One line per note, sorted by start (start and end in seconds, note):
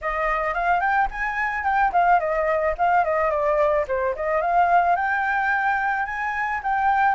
0.01 0.54 D#5
0.54 0.80 F5
0.80 1.07 G5
1.10 1.64 G#5
1.64 1.91 G5
1.92 2.19 F5
2.19 2.74 D#5
2.77 3.04 F5
3.04 3.30 D#5
3.30 3.85 D5
3.87 4.15 C5
4.15 4.41 D#5
4.41 4.95 F5
4.95 6.05 G5
6.05 6.60 G#5
6.63 7.15 G5